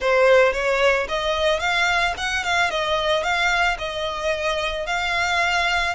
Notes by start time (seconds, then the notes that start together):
0.00 C5
0.53 C#5
1.08 D#5
1.59 F5
2.17 F#5
2.43 F5
2.70 D#5
3.23 F5
3.78 D#5
4.86 F5